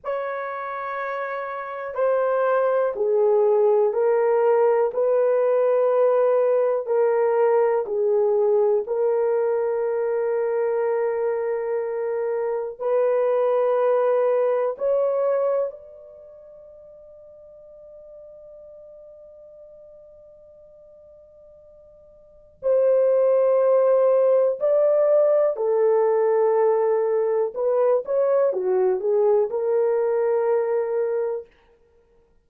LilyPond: \new Staff \with { instrumentName = "horn" } { \time 4/4 \tempo 4 = 61 cis''2 c''4 gis'4 | ais'4 b'2 ais'4 | gis'4 ais'2.~ | ais'4 b'2 cis''4 |
d''1~ | d''2. c''4~ | c''4 d''4 a'2 | b'8 cis''8 fis'8 gis'8 ais'2 | }